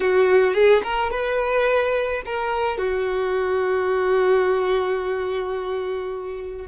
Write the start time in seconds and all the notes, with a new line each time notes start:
0.00 F#4
0.54 G#4
0.83 A#4
1.10 B4
2.25 A#4
2.78 F#4